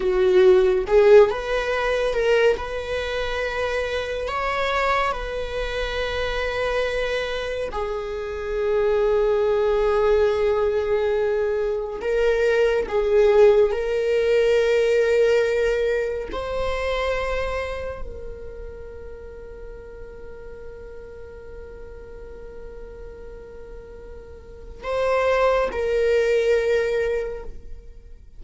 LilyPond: \new Staff \with { instrumentName = "viola" } { \time 4/4 \tempo 4 = 70 fis'4 gis'8 b'4 ais'8 b'4~ | b'4 cis''4 b'2~ | b'4 gis'2.~ | gis'2 ais'4 gis'4 |
ais'2. c''4~ | c''4 ais'2.~ | ais'1~ | ais'4 c''4 ais'2 | }